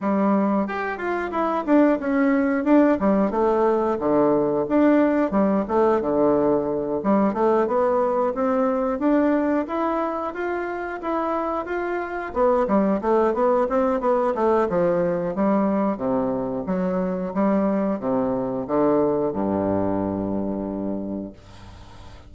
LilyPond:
\new Staff \with { instrumentName = "bassoon" } { \time 4/4 \tempo 4 = 90 g4 g'8 f'8 e'8 d'8 cis'4 | d'8 g8 a4 d4 d'4 | g8 a8 d4. g8 a8 b8~ | b8 c'4 d'4 e'4 f'8~ |
f'8 e'4 f'4 b8 g8 a8 | b8 c'8 b8 a8 f4 g4 | c4 fis4 g4 c4 | d4 g,2. | }